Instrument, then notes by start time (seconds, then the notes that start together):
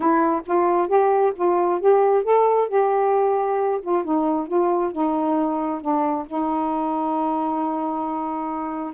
saxophone
0.00 E4
0.46 F4
0.88 G4
1.35 F4
1.80 G4
2.23 A4
2.68 G4
3.81 F4
4.04 D#4
4.47 F4
4.92 D#4
5.81 D4
6.26 D#4